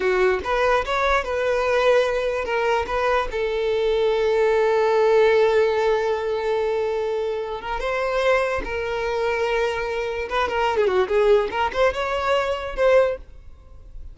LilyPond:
\new Staff \with { instrumentName = "violin" } { \time 4/4 \tempo 4 = 146 fis'4 b'4 cis''4 b'4~ | b'2 ais'4 b'4 | a'1~ | a'1~ |
a'2~ a'8 ais'8 c''4~ | c''4 ais'2.~ | ais'4 b'8 ais'8. gis'16 fis'8 gis'4 | ais'8 c''8 cis''2 c''4 | }